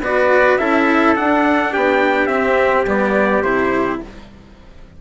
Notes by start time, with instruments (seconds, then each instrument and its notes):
0.00 bassoon B3, cello F#4, trumpet B4 D5
0.58 bassoon C#4, cello E4, trumpet A4 E5
1.16 cello D4, bassoon D4, trumpet F#5
1.72 bassoon B3, trumpet G4 G5
2.26 bassoon C4, cello C4, trumpet E5
2.86 bassoon G3, cello B3, trumpet D5
3.42 bassoon C3, cello E4, trumpet C5